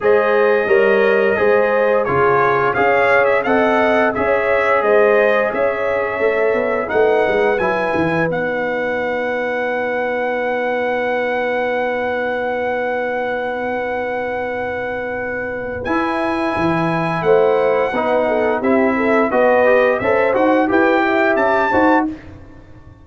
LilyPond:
<<
  \new Staff \with { instrumentName = "trumpet" } { \time 4/4 \tempo 4 = 87 dis''2. cis''4 | f''8. e''16 fis''4 e''4 dis''4 | e''2 fis''4 gis''4 | fis''1~ |
fis''1~ | fis''2. gis''4~ | gis''4 fis''2 e''4 | dis''4 e''8 fis''8 g''4 a''4 | }
  \new Staff \with { instrumentName = "horn" } { \time 4/4 c''4 cis''4 c''4 gis'4 | cis''4 dis''4 cis''4 c''4 | cis''2 b'2~ | b'1~ |
b'1~ | b'1~ | b'4 c''4 b'8 a'8 g'8 a'8 | b'4 c''4 b'8 e''4 c''8 | }
  \new Staff \with { instrumentName = "trombone" } { \time 4/4 gis'4 ais'4 gis'4 f'4 | gis'4 a'4 gis'2~ | gis'4 a'4 dis'4 e'4 | dis'1~ |
dis'1~ | dis'2. e'4~ | e'2 dis'4 e'4 | fis'8 g'8 a'8 fis'8 g'4. fis'8 | }
  \new Staff \with { instrumentName = "tuba" } { \time 4/4 gis4 g4 gis4 cis4 | cis'4 c'4 cis'4 gis4 | cis'4 a8 b8 a8 gis8 fis8 e8 | b1~ |
b1~ | b2. e'4 | e4 a4 b4 c'4 | b4 cis'8 dis'8 e'4 cis'8 dis'8 | }
>>